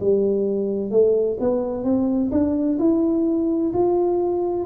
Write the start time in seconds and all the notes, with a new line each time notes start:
0.00 G3
0.90 A3
1.40 B3
1.84 C4
2.31 D4
2.79 E4
3.73 F4